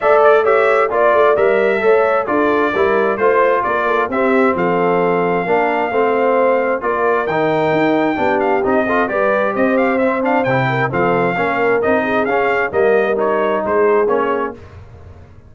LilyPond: <<
  \new Staff \with { instrumentName = "trumpet" } { \time 4/4 \tempo 4 = 132 e''8 d''8 e''4 d''4 e''4~ | e''4 d''2 c''4 | d''4 e''4 f''2~ | f''2. d''4 |
g''2~ g''8 f''8 dis''4 | d''4 dis''8 f''8 e''8 f''8 g''4 | f''2 dis''4 f''4 | dis''4 cis''4 c''4 cis''4 | }
  \new Staff \with { instrumentName = "horn" } { \time 4/4 d''4 cis''4 d''2 | cis''4 a'4 ais'4 c''4 | ais'8 a'8 g'4 a'2 | ais'4 c''2 ais'4~ |
ais'2 g'4. a'8 | b'4 c''2~ c''8 ais'8 | a'4 ais'4. gis'4. | ais'2 gis'2 | }
  \new Staff \with { instrumentName = "trombone" } { \time 4/4 a'4 g'4 f'4 ais'4 | a'4 f'4 e'4 f'4~ | f'4 c'2. | d'4 c'2 f'4 |
dis'2 d'4 dis'8 f'8 | g'2 c'8 d'8 e'4 | c'4 cis'4 dis'4 cis'4 | ais4 dis'2 cis'4 | }
  \new Staff \with { instrumentName = "tuba" } { \time 4/4 a2 ais8 a8 g4 | a4 d'4 g4 a4 | ais4 c'4 f2 | ais4 a2 ais4 |
dis4 dis'4 b4 c'4 | g4 c'2 c4 | f4 ais4 c'4 cis'4 | g2 gis4 ais4 | }
>>